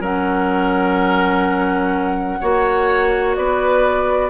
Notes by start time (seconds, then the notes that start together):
0.00 F#3 C#4 A#4 F#5
2.40 A#3 F#4 C#5
3.35 B3 B4 D5